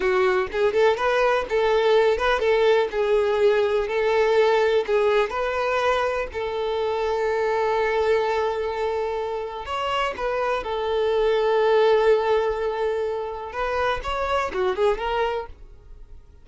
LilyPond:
\new Staff \with { instrumentName = "violin" } { \time 4/4 \tempo 4 = 124 fis'4 gis'8 a'8 b'4 a'4~ | a'8 b'8 a'4 gis'2 | a'2 gis'4 b'4~ | b'4 a'2.~ |
a'1 | cis''4 b'4 a'2~ | a'1 | b'4 cis''4 fis'8 gis'8 ais'4 | }